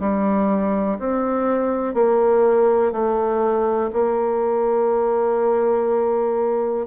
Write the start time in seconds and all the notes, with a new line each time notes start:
0.00 G3
0.99 C4
1.94 A#3
2.92 A3
3.93 A#3